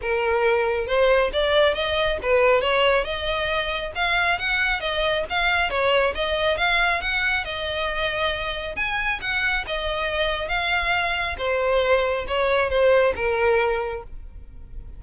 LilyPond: \new Staff \with { instrumentName = "violin" } { \time 4/4 \tempo 4 = 137 ais'2 c''4 d''4 | dis''4 b'4 cis''4 dis''4~ | dis''4 f''4 fis''4 dis''4 | f''4 cis''4 dis''4 f''4 |
fis''4 dis''2. | gis''4 fis''4 dis''2 | f''2 c''2 | cis''4 c''4 ais'2 | }